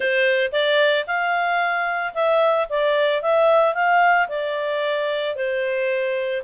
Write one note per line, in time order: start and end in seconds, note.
0.00 0.51 C5
0.52 1.05 D5
1.06 2.13 F5
2.14 2.67 E5
2.69 3.21 D5
3.21 3.74 E5
3.74 4.28 F5
4.28 5.35 D5
5.35 6.42 C5